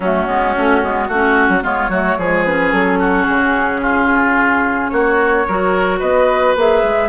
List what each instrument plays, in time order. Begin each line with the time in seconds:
0.00 bassoon F#3, clarinet A3, oboe C#4, flute F#4
0.26 bassoon G#3, clarinet B3
0.56 bassoon A3, clarinet C#4
0.82 bassoon G#3, clarinet B3
1.08 bassoon A3, clarinet C#4, oboe F#4
1.48 bassoon F#3
1.62 bassoon G#3, clarinet B3, oboe F4, flute C#5
1.88 bassoon F#3, clarinet A3, oboe F#4
2.18 bassoon F3, clarinet G#3, oboe G#4
2.45 clarinet C#4, flute B4
2.72 bassoon F#3, flute A4
2.99 oboe F#4
3.25 bassoon C#3, flute G#4
3.81 oboe F4
4.89 bassoon A#3, oboe F#4, flute C#5
5.47 bassoon F#3, clarinet F#4, oboe A#4
5.99 bassoon B3, oboe B4, flute D#5
6.55 bassoon A#3, clarinet G#4, flute E5
6.83 bassoon G#3